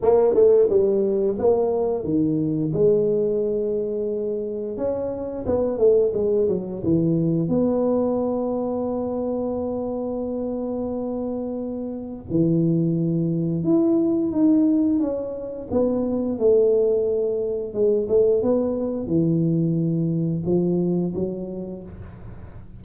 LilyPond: \new Staff \with { instrumentName = "tuba" } { \time 4/4 \tempo 4 = 88 ais8 a8 g4 ais4 dis4 | gis2. cis'4 | b8 a8 gis8 fis8 e4 b4~ | b1~ |
b2 e2 | e'4 dis'4 cis'4 b4 | a2 gis8 a8 b4 | e2 f4 fis4 | }